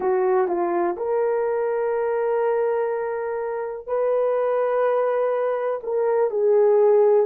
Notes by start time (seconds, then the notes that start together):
0.00 F#4
0.47 F4
0.97 A#4
3.86 B4
5.83 A#4
6.30 G#4